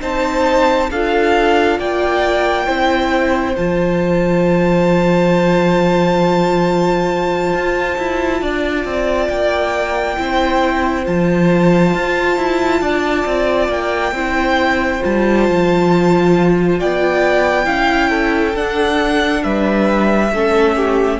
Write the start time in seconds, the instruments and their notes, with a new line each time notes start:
0.00 cello C4, viola D#4, violin C5 A5
0.91 cello D4, viola F4, violin A4 F5
1.79 cello A#3, violin D5 G5
2.66 cello C4, viola E4, violin C5
3.56 cello F3, viola F4, violin A5
7.53 cello F4
7.98 cello E4
8.41 cello D4, violin D5
8.84 cello C4
9.28 cello A#3, violin G5
10.17 cello C4, viola E4, violin C5
11.05 cello F3, viola F4, violin A5
11.94 cello F4
12.37 cello E4
12.81 cello D4, violin D5
13.25 cello C4
13.68 cello A#3, violin G5
14.12 cello C4, viola E4, violin C5
15.01 cello G3, viola F4, violin A5
15.49 cello F3
16.79 cello B3, violin D5 G5
17.65 cello C#4, viola E4, violin F5
18.09 violin A4
18.55 viola D4, cello D4, violin F#5
19.43 cello G3, violin B4 E5
20.31 cello A3, viola C#4, violin A4
20.76 violin G4